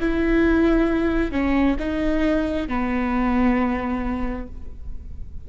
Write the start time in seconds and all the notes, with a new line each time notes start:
0.00 E4
1.31 C#4
1.80 D#4
2.68 B3